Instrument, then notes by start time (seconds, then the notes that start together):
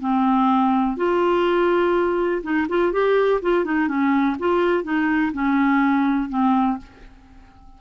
clarinet
0.00 C4
0.97 F4
2.43 D#4
2.69 F4
2.93 G4
3.42 F4
3.65 D#4
3.88 C#4
4.39 F4
4.84 D#4
5.33 C#4
6.29 C4